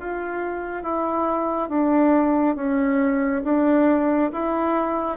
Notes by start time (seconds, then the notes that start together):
0.00 F4
0.83 E4
1.70 D4
2.56 C#4
3.44 D4
4.33 E4